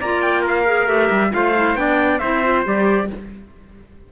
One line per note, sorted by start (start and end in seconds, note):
0.00 0.87 A#3
0.00 0.65 F4
0.00 0.42 D5
0.00 0.22 A#5
0.22 0.44 G5
0.42 1.30 A#4
0.42 0.88 F5
0.65 0.87 G#4
0.87 1.09 A3
0.87 1.31 G4
0.87 1.32 E5
1.10 1.32 G3
1.31 1.75 A3
1.31 1.53 F4
1.31 1.79 C5
1.31 1.75 F5
1.56 1.75 E4
1.75 2.19 B3
1.75 2.19 D4
1.75 2.20 D5
1.75 2.18 G5
2.18 2.66 C4
2.18 2.44 E4
2.18 3.08 C5
2.18 2.62 E5
2.44 2.65 F4
2.65 3.10 G3
2.65 3.09 G4
2.65 3.11 D5